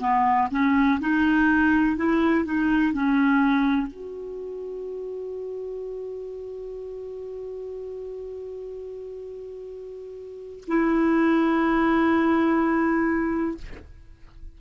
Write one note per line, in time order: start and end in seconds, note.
0.00 0.48 B3
0.51 0.99 C#4
1.01 1.97 D#4
1.97 2.45 E4
2.45 2.93 D#4
2.93 3.87 C#4
3.87 10.65 F#4
10.68 13.58 E4